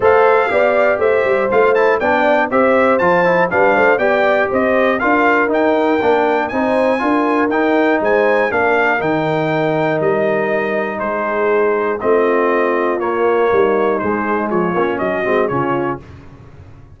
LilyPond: <<
  \new Staff \with { instrumentName = "trumpet" } { \time 4/4 \tempo 4 = 120 f''2 e''4 f''8 a''8 | g''4 e''4 a''4 f''4 | g''4 dis''4 f''4 g''4~ | g''4 gis''2 g''4 |
gis''4 f''4 g''2 | dis''2 c''2 | dis''2 cis''2 | c''4 cis''4 dis''4 cis''4 | }
  \new Staff \with { instrumentName = "horn" } { \time 4/4 c''4 d''4 c''2 | d''4 c''2 b'8 c''8 | d''4 c''4 ais'2~ | ais'4 c''4 ais'2 |
c''4 ais'2.~ | ais'2 gis'2 | f'2. dis'4~ | dis'4 f'4 fis'4 f'4 | }
  \new Staff \with { instrumentName = "trombone" } { \time 4/4 a'4 g'2 f'8 e'8 | d'4 g'4 f'8 e'8 d'4 | g'2 f'4 dis'4 | d'4 dis'4 f'4 dis'4~ |
dis'4 d'4 dis'2~ | dis'1 | c'2 ais2 | gis4. cis'4 c'8 cis'4 | }
  \new Staff \with { instrumentName = "tuba" } { \time 4/4 a4 b4 a8 g8 a4 | b4 c'4 f4 g8 a8 | b4 c'4 d'4 dis'4 | ais4 c'4 d'4 dis'4 |
gis4 ais4 dis2 | g2 gis2 | a2 ais4 g4 | gis4 f8 ais8 fis8 gis8 cis4 | }
>>